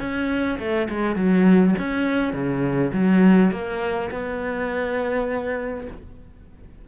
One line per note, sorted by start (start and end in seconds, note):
0.00 0.59 C#4
0.59 0.89 A3
0.90 1.16 G#3
1.16 1.75 F#3
1.79 2.33 C#4
2.33 2.92 C#3
2.93 3.52 F#3
3.52 4.10 A#3
4.11 5.88 B3